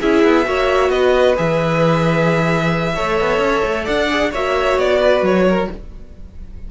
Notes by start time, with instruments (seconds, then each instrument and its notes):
0.00 cello C#4, viola E4, violin G#4 E5
0.23 cello B3
0.44 cello A#3, viola F#4, violin C#5
0.89 cello B3, violin B4 D#5
1.36 cello E3, viola G#4, violin E5
2.95 cello A3, viola A4, violin C#5
3.20 cello B3
3.39 cello C#4
3.64 cello A3
3.84 cello D4, violin D5 F#5
4.10 viola G#4
4.30 cello A#3, viola F#4, violin C#5 E5
4.78 cello B3, violin D5
5.00 violin B4
5.21 cello F#3, violin C#5
5.48 violin A#4